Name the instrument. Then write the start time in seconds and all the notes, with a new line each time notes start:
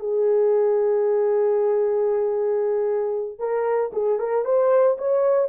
horn
0.00 G#4
3.39 A#4
3.93 G#4
4.20 A#4
4.45 C5
4.98 C#5